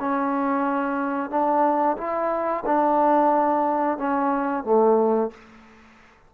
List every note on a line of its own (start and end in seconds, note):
0.00 1.30 C#4
1.30 1.97 D4
1.98 2.64 E4
2.66 3.98 D4
3.98 4.64 C#4
4.64 5.31 A3